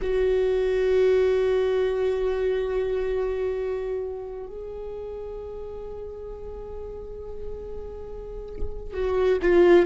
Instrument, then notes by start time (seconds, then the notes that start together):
viola
0.01 F#4
4.46 G#4
8.93 F#4
9.42 F4